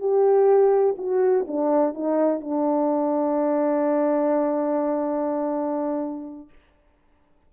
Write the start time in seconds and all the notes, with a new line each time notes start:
0.00 G4
0.98 F#4
1.48 D4
1.94 D#4
2.41 D4